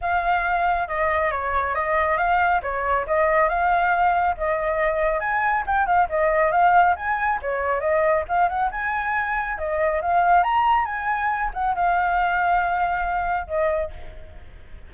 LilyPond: \new Staff \with { instrumentName = "flute" } { \time 4/4 \tempo 4 = 138 f''2 dis''4 cis''4 | dis''4 f''4 cis''4 dis''4 | f''2 dis''2 | gis''4 g''8 f''8 dis''4 f''4 |
gis''4 cis''4 dis''4 f''8 fis''8 | gis''2 dis''4 f''4 | ais''4 gis''4. fis''8 f''4~ | f''2. dis''4 | }